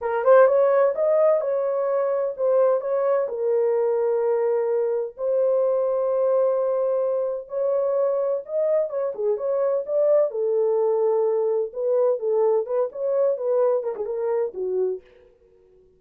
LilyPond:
\new Staff \with { instrumentName = "horn" } { \time 4/4 \tempo 4 = 128 ais'8 c''8 cis''4 dis''4 cis''4~ | cis''4 c''4 cis''4 ais'4~ | ais'2. c''4~ | c''1 |
cis''2 dis''4 cis''8 gis'8 | cis''4 d''4 a'2~ | a'4 b'4 a'4 b'8 cis''8~ | cis''8 b'4 ais'16 gis'16 ais'4 fis'4 | }